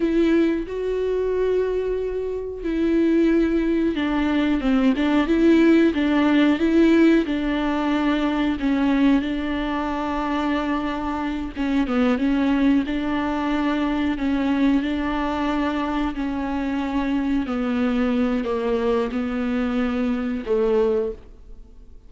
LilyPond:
\new Staff \with { instrumentName = "viola" } { \time 4/4 \tempo 4 = 91 e'4 fis'2. | e'2 d'4 c'8 d'8 | e'4 d'4 e'4 d'4~ | d'4 cis'4 d'2~ |
d'4. cis'8 b8 cis'4 d'8~ | d'4. cis'4 d'4.~ | d'8 cis'2 b4. | ais4 b2 a4 | }